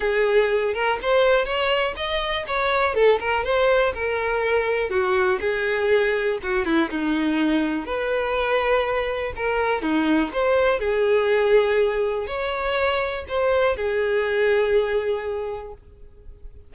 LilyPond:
\new Staff \with { instrumentName = "violin" } { \time 4/4 \tempo 4 = 122 gis'4. ais'8 c''4 cis''4 | dis''4 cis''4 a'8 ais'8 c''4 | ais'2 fis'4 gis'4~ | gis'4 fis'8 e'8 dis'2 |
b'2. ais'4 | dis'4 c''4 gis'2~ | gis'4 cis''2 c''4 | gis'1 | }